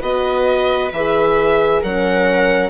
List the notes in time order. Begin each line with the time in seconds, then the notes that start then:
0.00 B3 F#4 B4 D#5
0.93 E3 G#4 E5
1.81 F#3 C#4 A#4 F#5